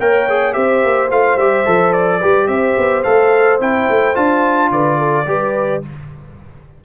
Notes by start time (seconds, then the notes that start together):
0.00 A#3 A#4 C#5 G5
0.29 G#4
0.53 C4 G4 C5 E5
0.84 A#3
1.11 A3 F4 F5
1.36 G3 G4 E5
1.66 F3 A4
1.93 D5
2.20 G3 G4 B4
2.48 C4 C5 E5
2.78 B3
3.03 A3 A4 F5
3.61 C4 E4 G5
3.90 A3
4.15 D4 F4 A5
4.71 D3 B4 D5
4.99 A4
5.27 G3 G4 B4